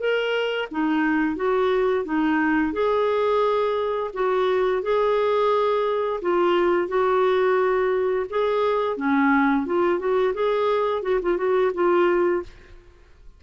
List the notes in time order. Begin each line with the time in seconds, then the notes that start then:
0.00 A#4
0.72 D#4
1.36 F#4
2.05 D#4
2.73 G#4
4.14 F#4
4.83 G#4
6.22 F4
6.88 F#4
8.30 G#4
8.97 C#4
9.66 F4
9.99 F#4
10.34 G#4
11.03 F#4
11.23 F4
11.38 F#4
11.74 F4